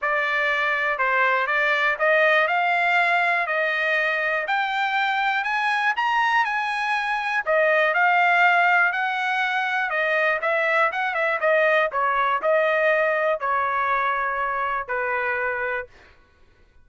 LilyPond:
\new Staff \with { instrumentName = "trumpet" } { \time 4/4 \tempo 4 = 121 d''2 c''4 d''4 | dis''4 f''2 dis''4~ | dis''4 g''2 gis''4 | ais''4 gis''2 dis''4 |
f''2 fis''2 | dis''4 e''4 fis''8 e''8 dis''4 | cis''4 dis''2 cis''4~ | cis''2 b'2 | }